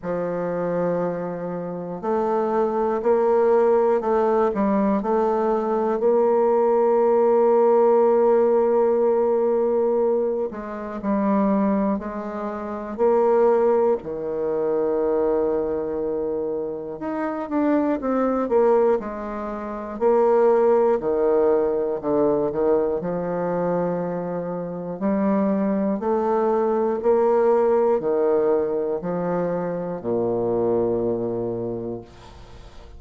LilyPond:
\new Staff \with { instrumentName = "bassoon" } { \time 4/4 \tempo 4 = 60 f2 a4 ais4 | a8 g8 a4 ais2~ | ais2~ ais8 gis8 g4 | gis4 ais4 dis2~ |
dis4 dis'8 d'8 c'8 ais8 gis4 | ais4 dis4 d8 dis8 f4~ | f4 g4 a4 ais4 | dis4 f4 ais,2 | }